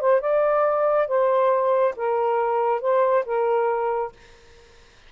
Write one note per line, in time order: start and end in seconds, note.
0.00 0.21 C5
0.21 1.07 D5
1.07 1.94 C5
1.96 2.81 A#4
2.81 3.25 C5
3.25 4.12 A#4